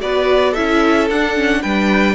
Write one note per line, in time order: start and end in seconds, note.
0.00 0.56 B3
0.00 0.54 F#4
0.00 0.51 B4
0.00 0.53 D5
0.51 1.10 C#4
0.51 1.09 E4
0.51 1.59 A4
0.51 1.07 E5
1.10 1.64 D4
1.10 1.35 D4
1.10 1.62 F#5
1.35 1.62 C#4
1.62 2.15 G3
1.62 2.15 D4
1.62 2.15 B4
1.62 2.15 G5